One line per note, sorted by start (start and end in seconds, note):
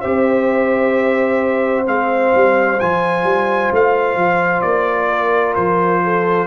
0.00 1.87 C4
0.00 1.86 G4
0.00 5.08 C5
0.00 1.85 E5
1.86 2.33 G#3
1.86 2.78 C4
1.86 2.79 F5
2.34 2.80 G3
2.79 3.23 F3
2.79 6.47 F4
2.79 3.72 G#5
3.23 3.69 G3
3.71 4.15 A3
3.71 4.61 F5
4.15 4.61 F3
4.61 5.56 A#3
4.61 5.54 D5
5.10 6.02 A#4
5.55 6.47 F3
5.55 6.47 C5
6.04 6.47 A4